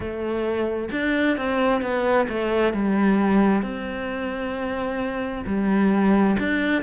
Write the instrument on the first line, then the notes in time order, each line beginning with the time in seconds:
cello
0.00 A3
0.91 D4
1.37 C4
1.81 B3
2.28 A3
2.73 G3
3.62 C4
5.45 G3
6.39 D4